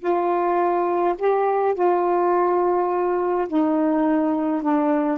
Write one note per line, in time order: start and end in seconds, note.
0.00 1.15 F4
1.19 1.75 G4
1.75 3.48 F4
3.48 4.62 D#4
4.62 5.18 D4